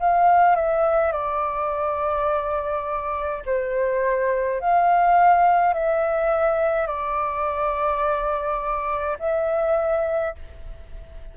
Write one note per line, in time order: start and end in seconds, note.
0.00 0.56 F5
0.56 1.12 E5
1.12 3.43 D5
3.46 4.60 C5
4.60 5.74 F5
5.74 6.87 E5
6.87 9.18 D5
9.19 10.35 E5